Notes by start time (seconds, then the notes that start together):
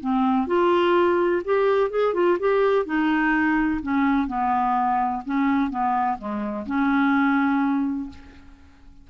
0.00 C4
0.47 F4
1.44 G4
1.90 G#4
2.14 F4
2.39 G4
2.85 D#4
3.82 C#4
4.27 B3
5.25 C#4
5.70 B3
6.18 G#3
6.66 C#4